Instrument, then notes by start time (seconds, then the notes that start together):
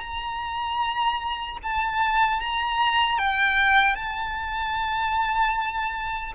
violin
0.00 A#5
1.63 A5
2.40 A#5
3.19 G5
3.95 A5